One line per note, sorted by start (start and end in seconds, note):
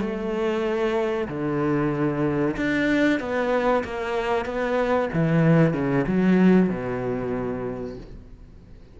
0.00 1.28 A3
1.28 2.56 D3
2.57 3.20 D4
3.20 3.84 B3
3.84 4.45 A#3
4.45 5.09 B3
5.13 5.73 E3
5.73 6.05 C#3
6.07 6.69 F#3
6.69 7.97 B2